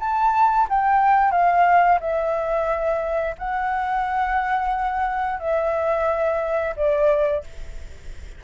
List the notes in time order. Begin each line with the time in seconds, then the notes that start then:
0.00 A5
0.70 G5
1.32 F5
2.01 E5
3.39 F#5
5.40 E5
6.77 D5